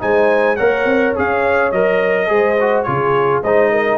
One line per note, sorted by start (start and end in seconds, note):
0.00 0.60 G#3
0.00 0.57 D#4
0.00 0.57 C5
0.00 0.56 G#5
0.56 0.85 A#3
0.56 1.16 A#4
0.56 2.29 C#5
0.56 1.14 F#5
0.85 1.14 C4
1.16 1.72 C#4
1.16 1.73 G#4
1.16 1.72 F5
1.72 2.30 F#3
1.72 2.27 A#4
1.72 2.83 D#5
2.27 2.87 G#3
2.27 2.56 G#4
2.27 2.87 C5
2.61 2.86 F#4
2.83 3.44 C#3
2.83 3.43 F4
2.83 3.44 G#4
2.83 3.40 C#5
3.44 3.98 G#3
3.44 3.98 D#4
3.44 3.71 C5
3.44 3.98 D#5
3.71 3.98 A#4